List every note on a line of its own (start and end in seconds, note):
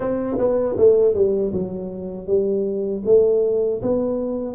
0.00 0.37 C4
0.38 0.76 B3
0.77 1.14 A3
1.14 1.52 G3
1.52 2.26 F#3
2.26 3.02 G3
3.06 3.81 A3
3.82 4.54 B3